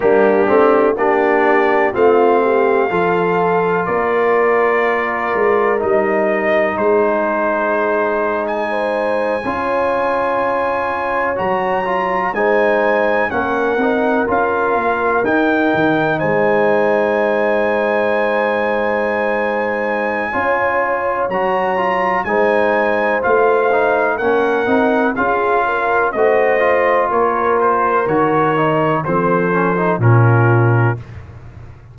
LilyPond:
<<
  \new Staff \with { instrumentName = "trumpet" } { \time 4/4 \tempo 4 = 62 g'4 d''4 f''2 | d''2 dis''4 c''4~ | c''8. gis''2. ais''16~ | ais''8. gis''4 fis''4 f''4 g''16~ |
g''8. gis''2.~ gis''16~ | gis''2 ais''4 gis''4 | f''4 fis''4 f''4 dis''4 | cis''8 c''8 cis''4 c''4 ais'4 | }
  \new Staff \with { instrumentName = "horn" } { \time 4/4 d'4 g'4 f'8 g'8 a'4 | ais'2. gis'4~ | gis'4 c''8. cis''2~ cis''16~ | cis''8. c''4 ais'2~ ais'16~ |
ais'8. c''2.~ c''16~ | c''4 cis''2 c''4~ | c''4 ais'4 gis'8 ais'8 c''4 | ais'2 a'4 f'4 | }
  \new Staff \with { instrumentName = "trombone" } { \time 4/4 ais8 c'8 d'4 c'4 f'4~ | f'2 dis'2~ | dis'4.~ dis'16 f'2 fis'16~ | fis'16 f'8 dis'4 cis'8 dis'8 f'4 dis'16~ |
dis'1~ | dis'4 f'4 fis'8 f'8 dis'4 | f'8 dis'8 cis'8 dis'8 f'4 fis'8 f'8~ | f'4 fis'8 dis'8 c'8 cis'16 dis'16 cis'4 | }
  \new Staff \with { instrumentName = "tuba" } { \time 4/4 g8 a8 ais4 a4 f4 | ais4. gis8 g4 gis4~ | gis4.~ gis16 cis'2 fis16~ | fis8. gis4 ais8 c'8 cis'8 ais8 dis'16~ |
dis'16 dis8 gis2.~ gis16~ | gis4 cis'4 fis4 gis4 | a4 ais8 c'8 cis'4 a4 | ais4 dis4 f4 ais,4 | }
>>